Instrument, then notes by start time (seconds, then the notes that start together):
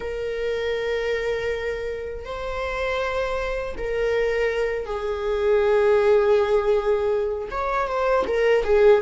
viola
0.00 A#4
2.25 C5
3.77 A#4
4.85 G#4
7.50 C#5
7.87 C5
8.27 A#4
8.64 G#4